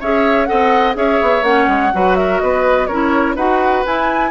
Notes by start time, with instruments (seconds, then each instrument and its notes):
0.00 bassoon C#4, clarinet G#4, oboe C#5, flute E5
0.46 bassoon C4, clarinet A4, oboe D#5, flute F#5
0.94 bassoon C#4, clarinet G#4, oboe C#5, flute E5
1.22 bassoon B3
1.42 bassoon A#3, clarinet C#4, flute F#5
1.68 bassoon G#3
1.93 bassoon F#3, clarinet F#4, oboe B4
2.16 oboe A#4, flute E5
2.40 bassoon B3, oboe B4, flute D#5
2.87 bassoon C#4, clarinet E4, oboe A#4, flute C#5
3.36 bassoon D#4, clarinet F#4, oboe B4, flute F#5
3.86 clarinet E4, bassoon E4, flute G#5